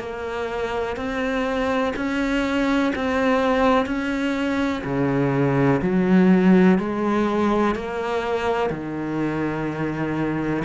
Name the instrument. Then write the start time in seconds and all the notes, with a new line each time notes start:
cello
0.00 A#3
0.97 C4
1.96 C#4
2.95 C4
3.86 C#4
4.84 C#3
5.82 F#3
6.79 G#3
7.76 A#3
8.71 D#3